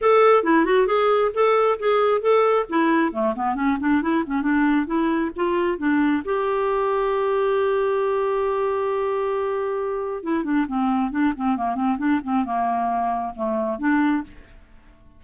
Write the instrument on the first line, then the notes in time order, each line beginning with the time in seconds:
clarinet
0.01 A4
0.43 E4
0.65 F#4
0.87 G#4
1.34 A4
1.79 G#4
2.21 A4
2.69 E4
3.12 A3
3.35 B3
3.55 C#4
3.79 D4
4.02 E4
4.26 C#4
4.42 D4
4.86 E4
5.36 F4
5.78 D4
6.24 G4
10.23 E4
10.44 D4
10.67 C4
11.11 D4
11.36 C4
11.56 A#3
11.75 C4
11.98 D4
12.23 C4
12.44 A#3
13.35 A3
13.78 D4